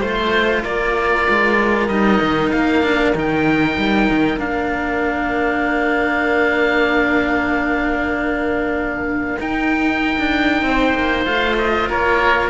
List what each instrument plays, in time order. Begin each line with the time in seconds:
0.00 cello A3 F4, oboe C5
0.63 cello A#3, oboe A#4 D5
1.29 cello G#3
1.88 cello G3 D#4, oboe D#5
2.21 cello D#3
2.52 cello A#3, oboe F5
2.83 cello D4
3.15 cello D#3 D#4, oboe G5
3.78 cello G3
4.10 cello D#3
4.38 cello A#3 D4, oboe F5
9.39 cello D#4, oboe G5
10.18 cello D4
10.62 cello C4
10.69 oboe C5
10.95 cello A#3
11.26 cello A3 F4, oboe F5
11.58 oboe D#5
11.90 cello A#3, oboe A#4 C#5